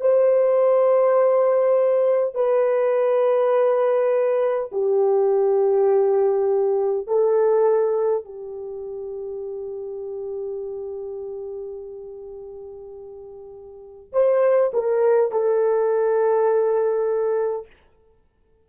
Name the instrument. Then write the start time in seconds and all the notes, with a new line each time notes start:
horn
0.00 C5
2.34 B4
4.72 G4
7.07 A4
8.25 G4
14.12 C5
14.73 A#4
15.31 A4